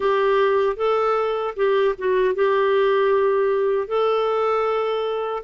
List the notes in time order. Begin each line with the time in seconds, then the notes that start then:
0.00 G4
0.76 A4
1.56 G4
1.98 F#4
2.34 G4
3.87 A4